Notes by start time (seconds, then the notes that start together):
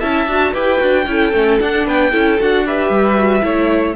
0.00 C#4 E4 E5 A5
0.26 D4 F#4
0.52 E4 G4 B4 G5
0.78 D4 F#4
1.06 C#4 E4 A4
1.33 A3 C#4
1.60 D4 F#5
1.86 B3 B4 G5
2.12 C#4 E4 A4
2.40 D4 F#4 F#5
2.66 G4 B4 E5
2.89 G3
3.17 F#4
3.41 A3 E4 C#5